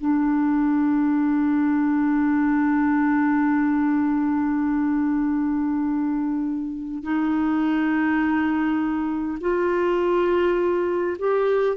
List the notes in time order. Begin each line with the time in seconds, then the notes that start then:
0.00 D4
7.03 D#4
9.40 F4
11.18 G4